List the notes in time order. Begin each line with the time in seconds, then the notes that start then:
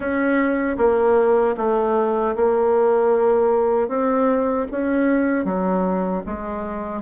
0.00 C#4
0.77 A#3
1.57 A3
2.36 A#3
3.88 C4
4.71 C#4
5.44 F#3
6.26 G#3